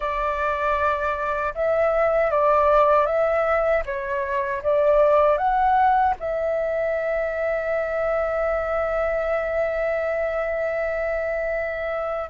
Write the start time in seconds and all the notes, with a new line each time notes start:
0.00 D5
1.54 E5
2.30 D5
3.06 E5
3.85 C#5
4.63 D5
5.37 F#5
6.19 E5